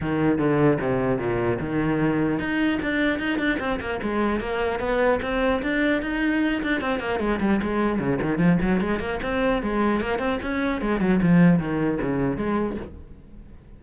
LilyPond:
\new Staff \with { instrumentName = "cello" } { \time 4/4 \tempo 4 = 150 dis4 d4 c4 ais,4 | dis2 dis'4 d'4 | dis'8 d'8 c'8 ais8 gis4 ais4 | b4 c'4 d'4 dis'4~ |
dis'8 d'8 c'8 ais8 gis8 g8 gis4 | cis8 dis8 f8 fis8 gis8 ais8 c'4 | gis4 ais8 c'8 cis'4 gis8 fis8 | f4 dis4 cis4 gis4 | }